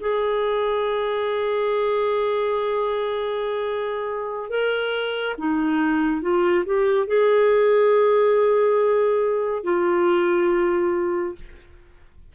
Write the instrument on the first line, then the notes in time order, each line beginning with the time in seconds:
clarinet
0.00 G#4
4.50 A#4
5.38 D#4
6.21 F4
6.66 G4
7.07 G#4
9.64 F4